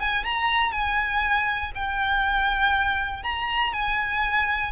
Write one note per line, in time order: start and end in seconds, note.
0.00 0.24 G#5
0.24 0.72 A#5
0.72 1.72 G#5
1.75 3.23 G5
3.23 3.73 A#5
3.73 4.72 G#5